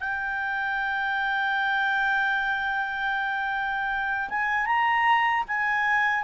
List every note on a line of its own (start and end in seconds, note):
0.00 4.29 G5
4.29 4.65 G#5
4.65 5.43 A#5
5.48 6.23 G#5